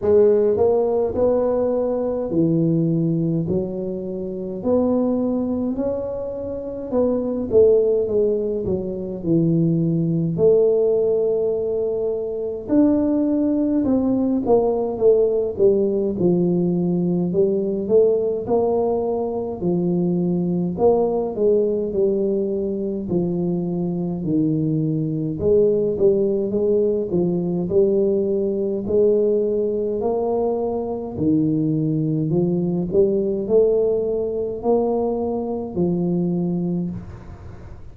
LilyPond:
\new Staff \with { instrumentName = "tuba" } { \time 4/4 \tempo 4 = 52 gis8 ais8 b4 e4 fis4 | b4 cis'4 b8 a8 gis8 fis8 | e4 a2 d'4 | c'8 ais8 a8 g8 f4 g8 a8 |
ais4 f4 ais8 gis8 g4 | f4 dis4 gis8 g8 gis8 f8 | g4 gis4 ais4 dis4 | f8 g8 a4 ais4 f4 | }